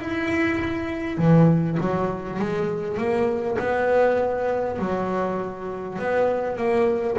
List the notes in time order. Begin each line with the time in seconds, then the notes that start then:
0.00 E4
1.17 E3
1.80 F#3
2.39 G#3
2.98 A#3
3.58 B3
4.78 F#3
5.98 B3
6.57 A#3